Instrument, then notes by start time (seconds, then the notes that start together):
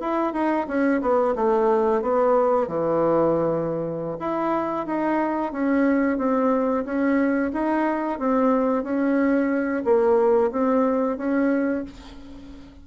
bassoon
0.00 E4
0.33 D#4
0.68 C#4
1.01 B3
1.35 A3
2.02 B3
2.67 E3
4.19 E4
4.86 D#4
5.52 C#4
6.18 C4
6.85 C#4
7.53 D#4
8.19 C4
8.83 C#4
9.84 A#3
10.51 C4
11.17 C#4